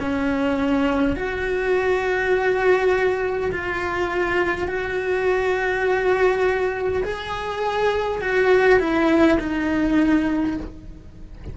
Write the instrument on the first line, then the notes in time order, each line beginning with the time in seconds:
cello
0.00 C#4
1.16 F#4
3.52 F4
4.68 F#4
7.03 G#4
8.21 F#4
8.80 E4
9.40 D#4